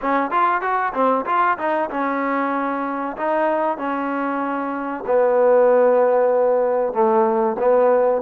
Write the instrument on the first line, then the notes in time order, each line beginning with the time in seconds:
trombone
0.01 C#4
0.30 F4
0.61 F#4
0.93 C4
1.26 F4
1.58 D#4
1.89 C#4
3.16 D#4
3.77 C#4
5.06 B3
6.93 A3
7.58 B3